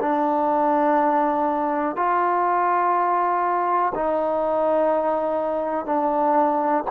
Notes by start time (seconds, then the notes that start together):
0.00 D4
1.96 F4
3.94 D#4
5.85 D4